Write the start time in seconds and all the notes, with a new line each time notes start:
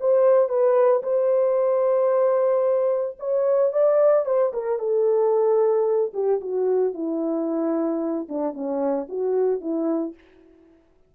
0.00 C5
0.49 B4
1.03 C5
3.19 C#5
3.73 D5
4.25 C5
4.53 A#4
4.79 A4
6.13 G4
6.41 F#4
6.94 E4
8.29 D4
8.54 C#4
9.09 F#4
9.61 E4